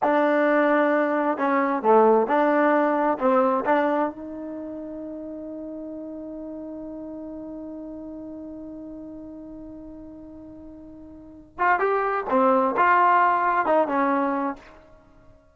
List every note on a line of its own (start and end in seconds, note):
0.02 1.37 D4
1.37 1.82 C#4
1.82 2.27 A3
2.27 3.18 D4
3.18 3.64 C4
3.65 4.10 D4
4.10 11.58 D#4
11.58 11.79 F4
11.79 12.24 G4
12.30 12.75 C4
12.76 13.65 F4
13.65 13.87 D#4
13.87 14.55 C#4